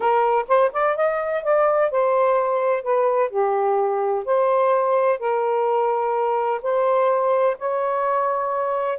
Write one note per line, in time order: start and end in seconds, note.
0.00 0.45 A#4
0.47 0.71 C5
0.72 0.96 D5
0.96 1.43 D#5
1.43 1.90 D5
1.90 2.83 C5
2.83 3.29 B4
3.29 4.24 G4
4.25 5.19 C5
5.19 6.61 A#4
6.62 7.56 C5
7.58 8.98 C#5